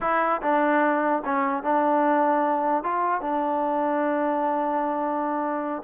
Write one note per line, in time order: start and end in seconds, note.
0.01 0.41 E4
0.42 1.22 D4
1.24 1.63 C#4
1.63 2.83 D4
2.83 3.21 F4
3.21 5.82 D4